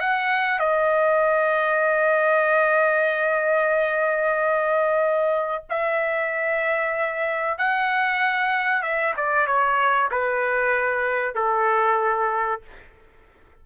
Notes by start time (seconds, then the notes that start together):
0.00 F#5
0.59 D#5
5.70 E5
7.58 F#5
8.82 E5
9.17 D5
9.47 C#5
10.11 B4
11.35 A4